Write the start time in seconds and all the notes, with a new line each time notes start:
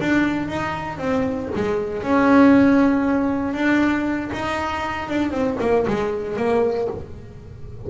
0.00 D4
0.48 D#4
0.98 C4
1.55 G#3
2.03 C#4
3.53 D4
4.33 D#4
5.09 D4
5.31 C4
5.60 A#3
5.87 G#3
6.37 A#3